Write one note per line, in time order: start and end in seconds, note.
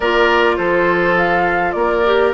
0.00 0.58 A#3
0.00 2.06 F4
0.00 0.56 A#4
0.00 0.56 D5
0.56 1.74 F3
0.56 1.75 A4
0.56 1.15 C5
1.17 1.72 F5
1.72 2.33 A#3
1.72 2.34 A#4
1.72 2.31 D5
2.06 2.34 G4